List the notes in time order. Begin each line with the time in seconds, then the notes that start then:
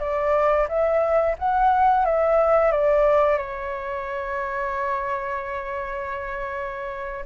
0.00 D5
0.69 E5
1.39 F#5
2.06 E5
2.72 D5
3.38 C#5